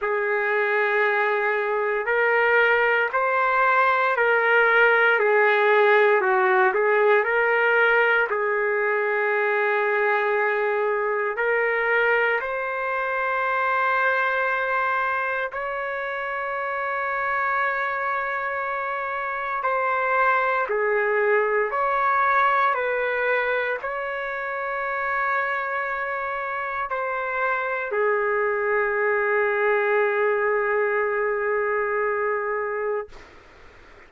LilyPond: \new Staff \with { instrumentName = "trumpet" } { \time 4/4 \tempo 4 = 58 gis'2 ais'4 c''4 | ais'4 gis'4 fis'8 gis'8 ais'4 | gis'2. ais'4 | c''2. cis''4~ |
cis''2. c''4 | gis'4 cis''4 b'4 cis''4~ | cis''2 c''4 gis'4~ | gis'1 | }